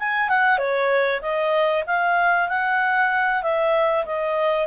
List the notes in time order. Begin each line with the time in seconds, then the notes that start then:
0.00 G#5
0.30 F#5
0.59 C#5
1.22 D#5
1.87 F5
2.49 F#5
3.43 E5
4.06 D#5